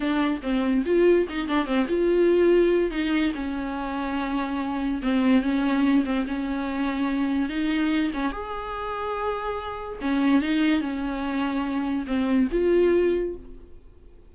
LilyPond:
\new Staff \with { instrumentName = "viola" } { \time 4/4 \tempo 4 = 144 d'4 c'4 f'4 dis'8 d'8 | c'8 f'2~ f'8 dis'4 | cis'1 | c'4 cis'4. c'8 cis'4~ |
cis'2 dis'4. cis'8 | gis'1 | cis'4 dis'4 cis'2~ | cis'4 c'4 f'2 | }